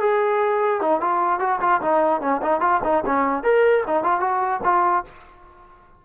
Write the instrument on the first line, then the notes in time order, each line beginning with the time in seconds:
trombone
0.00 G#4
0.80 D#4
1.00 F4
1.39 F#4
1.60 F4
1.81 D#4
2.20 C#4
2.42 D#4
2.60 F4
2.83 D#4
3.05 C#4
3.43 A#4
3.86 D#4
4.03 F4
4.20 F#4
4.63 F4